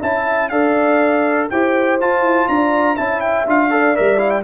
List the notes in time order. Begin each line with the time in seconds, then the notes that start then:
0.00 C#4 E4 E5 A5
0.49 D4 A4 D5 F5
1.49 E4 G4 C5 G5
2.00 F4 A5
2.21 E4
2.48 D4 D5 A#5
2.96 C#4 E4 E5 A5
3.20 G5
3.46 D4 F4 F5
3.70 A4 D5
3.95 G3 A#4 E5
4.17 E4 F5
4.30 G5